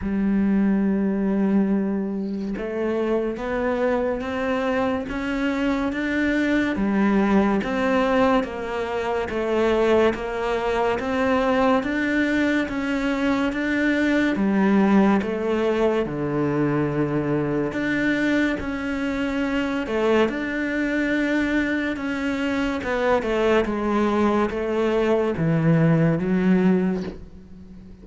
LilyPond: \new Staff \with { instrumentName = "cello" } { \time 4/4 \tempo 4 = 71 g2. a4 | b4 c'4 cis'4 d'4 | g4 c'4 ais4 a4 | ais4 c'4 d'4 cis'4 |
d'4 g4 a4 d4~ | d4 d'4 cis'4. a8 | d'2 cis'4 b8 a8 | gis4 a4 e4 fis4 | }